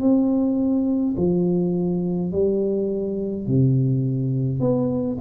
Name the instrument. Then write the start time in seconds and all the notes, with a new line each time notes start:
tuba
0.00 C4
1.16 F3
2.32 G3
3.47 C3
4.60 B3